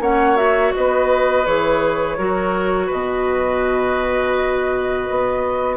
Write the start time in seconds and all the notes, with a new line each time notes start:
0.00 A#3 C#4 C#5 F#5
0.36 F#4 E5
0.75 B3 B4 D#5
1.46 E3 G#4 C#5
2.18 F#3 F#4 A#4
2.86 B2 B4 D#5
5.10 B3